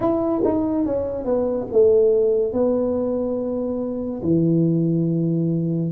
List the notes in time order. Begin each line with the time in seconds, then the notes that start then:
0.00 E4
0.44 D#4
0.85 C#4
1.24 B3
1.72 A3
2.52 B3
4.22 E3